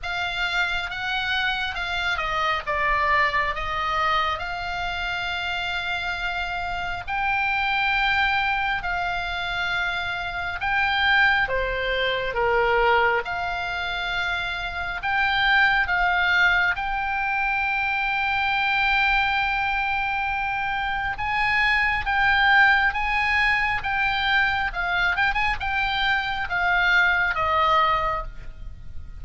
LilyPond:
\new Staff \with { instrumentName = "oboe" } { \time 4/4 \tempo 4 = 68 f''4 fis''4 f''8 dis''8 d''4 | dis''4 f''2. | g''2 f''2 | g''4 c''4 ais'4 f''4~ |
f''4 g''4 f''4 g''4~ | g''1 | gis''4 g''4 gis''4 g''4 | f''8 g''16 gis''16 g''4 f''4 dis''4 | }